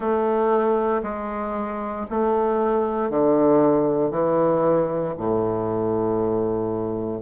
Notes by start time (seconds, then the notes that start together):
0.00 A3
1.03 G#3
2.10 A3
3.10 D3
4.11 E3
5.17 A2